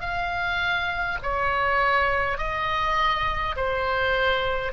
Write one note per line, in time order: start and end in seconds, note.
0.00 1.18 F5
1.22 2.37 C#5
2.37 3.55 D#5
3.56 4.72 C5